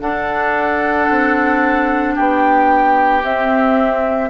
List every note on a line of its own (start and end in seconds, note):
0.00 3.21 D4
0.00 1.09 D4
0.00 2.15 A4
0.00 2.15 F#5
1.10 2.17 C4
2.15 3.23 B3
2.15 4.29 G4
2.15 3.23 G5
3.23 4.30 C4
3.23 4.30 E5